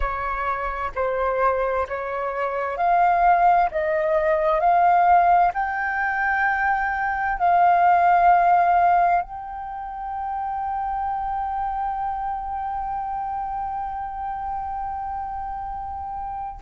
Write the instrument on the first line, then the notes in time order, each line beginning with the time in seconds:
flute
0.00 C#5
0.95 C5
1.88 C#5
2.77 F5
3.71 D#5
4.59 F5
5.54 G5
7.38 F5
9.21 G5